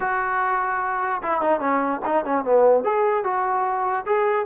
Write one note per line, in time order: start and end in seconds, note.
0.00 1.21 F#4
1.22 1.41 E4
1.41 1.60 D#4
1.60 2.00 C#4
2.05 2.24 D#4
2.24 2.44 C#4
2.44 2.84 B3
2.84 3.24 G#4
3.24 4.05 F#4
4.05 4.46 G#4